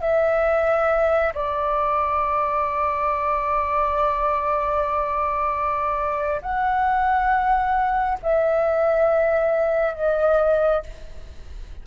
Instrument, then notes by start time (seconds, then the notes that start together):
flute
0.00 E5
1.34 D5
6.41 F#5
8.22 E5
9.94 D#5